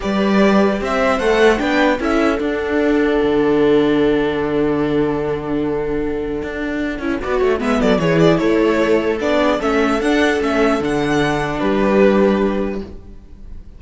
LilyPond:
<<
  \new Staff \with { instrumentName = "violin" } { \time 4/4 \tempo 4 = 150 d''2 e''4 fis''4 | g''4 e''4 fis''2~ | fis''1~ | fis''1~ |
fis''2. e''8 d''8 | cis''8 d''8 cis''2 d''4 | e''4 fis''4 e''4 fis''4~ | fis''4 b'2. | }
  \new Staff \with { instrumentName = "viola" } { \time 4/4 b'2 c''2 | b'4 a'2.~ | a'1~ | a'1~ |
a'2 d''8 cis''8 b'8 a'8 | gis'4 a'2~ a'8 gis'8 | a'1~ | a'4 g'2. | }
  \new Staff \with { instrumentName = "viola" } { \time 4/4 g'2. a'4 | d'4 e'4 d'2~ | d'1~ | d'1~ |
d'4. e'8 fis'4 b4 | e'2. d'4 | cis'4 d'4 cis'4 d'4~ | d'1 | }
  \new Staff \with { instrumentName = "cello" } { \time 4/4 g2 c'4 a4 | b4 cis'4 d'2 | d1~ | d1 |
d'4. cis'8 b8 a8 gis8 fis8 | e4 a2 b4 | a4 d'4 a4 d4~ | d4 g2. | }
>>